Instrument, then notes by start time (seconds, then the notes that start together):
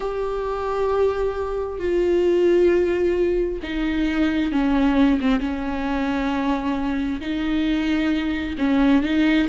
viola
0.00 G4
1.79 F4
3.63 D#4
4.51 C#4
5.20 C4
5.40 C#4
7.20 D#4
8.58 C#4
9.02 D#4